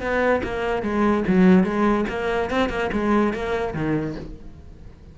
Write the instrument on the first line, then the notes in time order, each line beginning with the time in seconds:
cello
0.00 B3
0.43 A#3
0.82 G#3
1.27 F#3
1.63 G#3
2.09 A#3
2.50 C4
2.69 A#3
2.92 G#3
3.33 A#3
3.74 D#3